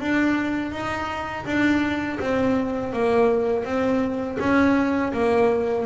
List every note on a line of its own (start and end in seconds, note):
0.00 0.72 D4
0.72 1.45 D#4
1.45 2.18 D4
2.19 2.92 C4
2.93 3.65 A#3
3.65 4.38 C4
4.39 5.12 C#4
5.13 5.85 A#3